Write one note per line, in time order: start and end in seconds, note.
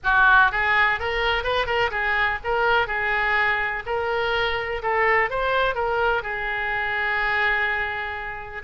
0.03 0.51 F#4
0.51 0.99 G#4
0.99 1.43 A#4
1.43 1.66 B4
1.66 1.90 A#4
1.90 2.38 G#4
2.43 2.87 A#4
2.87 3.83 G#4
3.86 4.82 A#4
4.82 5.30 A4
5.30 5.74 C5
5.74 6.22 A#4
6.22 8.62 G#4